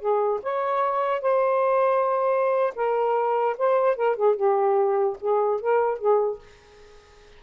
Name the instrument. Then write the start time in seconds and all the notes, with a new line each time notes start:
saxophone
0.00 G#4
0.43 C#5
1.22 C5
2.76 A#4
3.58 C5
3.97 A#4
4.17 G#4
4.36 G4
5.21 G#4
5.61 A#4
5.99 G#4